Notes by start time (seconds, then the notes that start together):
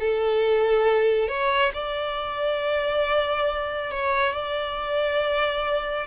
0.00 A4
1.28 C#5
1.74 D5
3.91 C#5
4.33 D5